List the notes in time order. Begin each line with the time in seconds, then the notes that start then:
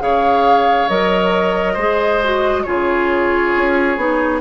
0.00 C#3 G#4 C#5 F5
0.89 F#3 A#4 D#5
1.74 G#3 G#4 C5
2.24 F#4
2.64 C#3 F4 G#4 C#5
3.56 C#4
3.97 B3 D#4